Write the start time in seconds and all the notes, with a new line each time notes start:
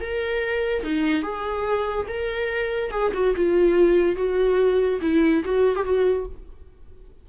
0.00 A#4
0.83 D#4
1.22 G#4
2.08 A#4
2.91 G#4
3.13 F#4
3.35 F4
4.16 F#4
5.01 E4
5.45 F#4
5.75 G4
5.84 F#4